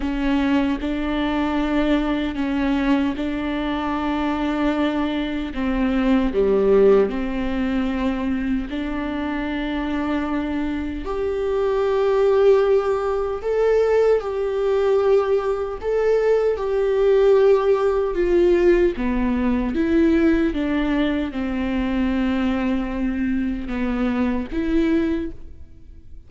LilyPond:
\new Staff \with { instrumentName = "viola" } { \time 4/4 \tempo 4 = 76 cis'4 d'2 cis'4 | d'2. c'4 | g4 c'2 d'4~ | d'2 g'2~ |
g'4 a'4 g'2 | a'4 g'2 f'4 | b4 e'4 d'4 c'4~ | c'2 b4 e'4 | }